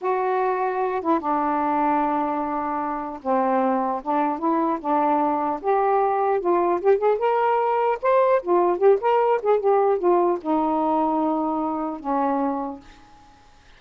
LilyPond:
\new Staff \with { instrumentName = "saxophone" } { \time 4/4 \tempo 4 = 150 fis'2~ fis'8 e'8 d'4~ | d'1 | c'2 d'4 e'4 | d'2 g'2 |
f'4 g'8 gis'8 ais'2 | c''4 f'4 g'8 ais'4 gis'8 | g'4 f'4 dis'2~ | dis'2 cis'2 | }